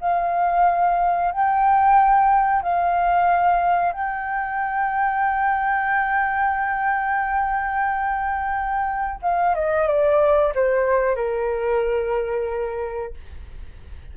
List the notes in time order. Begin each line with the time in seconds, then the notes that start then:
0.00 F5
1.31 G5
2.62 F5
3.92 G5
9.22 F5
9.55 D#5
9.87 D5
10.54 C5
11.15 A#4